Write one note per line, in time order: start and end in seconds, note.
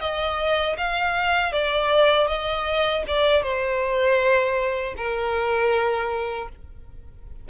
0.00 0.76 D#5
0.77 1.52 F5
1.52 2.28 D5
2.28 3.03 D#5
3.08 3.42 D5
3.42 4.94 C5
4.97 6.49 A#4